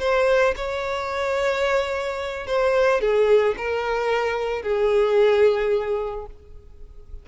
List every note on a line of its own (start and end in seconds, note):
0.00 0.55 C5
0.56 2.47 C#5
2.47 3.01 C5
3.01 3.56 G#4
3.57 4.62 A#4
4.62 6.26 G#4